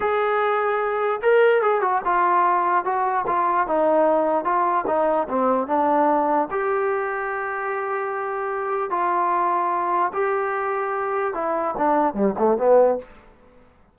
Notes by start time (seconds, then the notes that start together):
0.00 G#4
1.22 A#4
1.62 G#4
1.81 F#4
2.04 F4
2.84 F#4
3.26 F4
3.67 D#4
4.44 F4
4.86 D#4
5.29 C4
5.67 D4
6.50 G4
8.90 F4
10.13 G4
11.34 E4
11.77 D4
12.13 G3
12.38 A3
12.57 B3